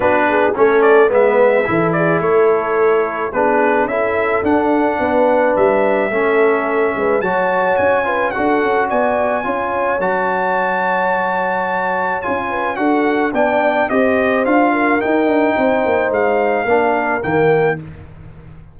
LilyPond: <<
  \new Staff \with { instrumentName = "trumpet" } { \time 4/4 \tempo 4 = 108 b'4 cis''8 d''8 e''4. d''8 | cis''2 b'4 e''4 | fis''2 e''2~ | e''4 a''4 gis''4 fis''4 |
gis''2 a''2~ | a''2 gis''4 fis''4 | g''4 dis''4 f''4 g''4~ | g''4 f''2 g''4 | }
  \new Staff \with { instrumentName = "horn" } { \time 4/4 fis'8 gis'8 a'4 b'4 a'8 gis'8 | a'2 gis'4 a'4~ | a'4 b'2 a'4~ | a'8 b'8 cis''4. b'8 a'4 |
d''4 cis''2.~ | cis''2~ cis''8 b'8 a'4 | d''4 c''4. ais'4. | c''2 ais'2 | }
  \new Staff \with { instrumentName = "trombone" } { \time 4/4 d'4 cis'4 b4 e'4~ | e'2 d'4 e'4 | d'2. cis'4~ | cis'4 fis'4. f'8 fis'4~ |
fis'4 f'4 fis'2~ | fis'2 f'4 fis'4 | d'4 g'4 f'4 dis'4~ | dis'2 d'4 ais4 | }
  \new Staff \with { instrumentName = "tuba" } { \time 4/4 b4 a4 gis4 e4 | a2 b4 cis'4 | d'4 b4 g4 a4~ | a8 gis8 fis4 cis'4 d'8 cis'8 |
b4 cis'4 fis2~ | fis2 cis'4 d'4 | b4 c'4 d'4 dis'8 d'8 | c'8 ais8 gis4 ais4 dis4 | }
>>